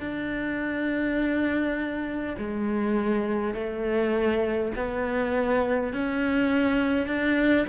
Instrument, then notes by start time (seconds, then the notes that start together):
cello
0.00 D4
2.38 G#3
3.54 A3
4.75 B3
5.93 C#4
7.07 D4